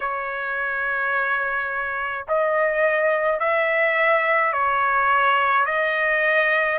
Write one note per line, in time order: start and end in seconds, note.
0.00 2.25 C#5
2.27 3.40 D#5
3.40 4.53 E5
4.53 5.66 C#5
5.66 6.79 D#5